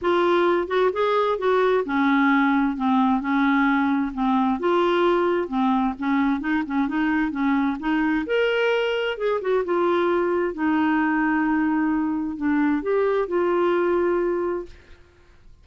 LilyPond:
\new Staff \with { instrumentName = "clarinet" } { \time 4/4 \tempo 4 = 131 f'4. fis'8 gis'4 fis'4 | cis'2 c'4 cis'4~ | cis'4 c'4 f'2 | c'4 cis'4 dis'8 cis'8 dis'4 |
cis'4 dis'4 ais'2 | gis'8 fis'8 f'2 dis'4~ | dis'2. d'4 | g'4 f'2. | }